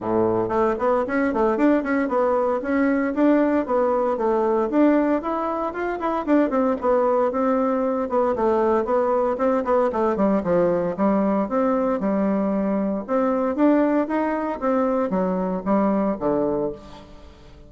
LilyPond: \new Staff \with { instrumentName = "bassoon" } { \time 4/4 \tempo 4 = 115 a,4 a8 b8 cis'8 a8 d'8 cis'8 | b4 cis'4 d'4 b4 | a4 d'4 e'4 f'8 e'8 | d'8 c'8 b4 c'4. b8 |
a4 b4 c'8 b8 a8 g8 | f4 g4 c'4 g4~ | g4 c'4 d'4 dis'4 | c'4 fis4 g4 d4 | }